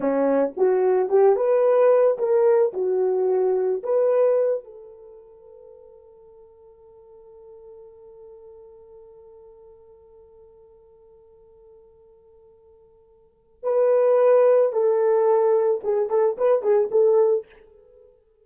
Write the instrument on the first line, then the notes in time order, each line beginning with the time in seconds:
horn
0.00 C#4
0.57 F#4
1.09 G4
1.36 B4
2.18 A#4
2.73 F#4
3.83 B4
4.64 A4
13.63 B4
14.72 A4
15.83 G#4
16.09 A4
16.37 B4
16.62 G#4
16.91 A4